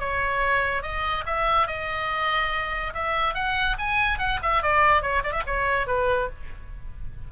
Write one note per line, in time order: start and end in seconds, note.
0.00 0.83 C#5
0.83 1.25 D#5
1.26 1.68 E5
1.68 2.94 D#5
2.94 3.35 E5
3.35 3.77 F#5
3.79 4.19 G#5
4.19 4.40 F#5
4.43 4.63 E5
4.63 5.03 D5
5.03 5.24 C#5
5.24 5.32 D5
5.32 5.43 E5
5.47 5.87 C#5
5.87 6.29 B4